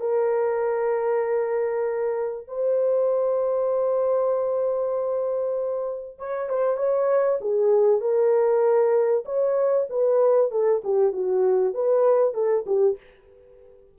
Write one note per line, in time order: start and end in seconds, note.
0.00 2.47 A#4
2.48 6.18 C5
6.18 6.49 C#5
6.49 6.77 C5
6.77 7.39 C#5
7.41 8.01 G#4
8.01 9.24 A#4
9.25 9.87 C#5
9.89 10.51 B4
10.51 10.82 A4
10.84 11.12 G4
11.12 11.74 F#4
11.74 12.34 B4
12.34 12.65 A4
12.66 12.97 G4